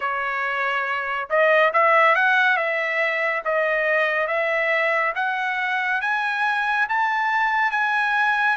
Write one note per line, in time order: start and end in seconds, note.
0.00 1.28 C#5
1.29 1.72 D#5
1.73 2.15 E5
2.15 2.56 F#5
2.56 3.42 E5
3.44 4.27 D#5
4.27 5.13 E5
5.15 6.01 F#5
6.01 6.86 G#5
6.88 7.71 A5
7.71 8.56 G#5